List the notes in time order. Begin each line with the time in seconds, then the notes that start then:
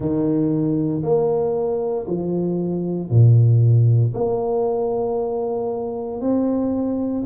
0.00 D#3
1.03 A#3
2.07 F3
3.09 A#2
4.14 A#3
6.20 C4